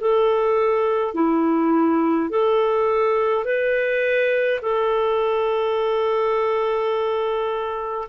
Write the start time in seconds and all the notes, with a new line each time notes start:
0.00 A4
1.14 E4
2.30 A4
3.45 B4
4.62 A4